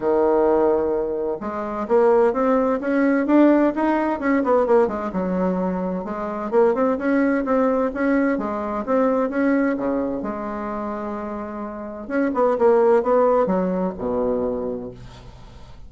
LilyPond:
\new Staff \with { instrumentName = "bassoon" } { \time 4/4 \tempo 4 = 129 dis2. gis4 | ais4 c'4 cis'4 d'4 | dis'4 cis'8 b8 ais8 gis8 fis4~ | fis4 gis4 ais8 c'8 cis'4 |
c'4 cis'4 gis4 c'4 | cis'4 cis4 gis2~ | gis2 cis'8 b8 ais4 | b4 fis4 b,2 | }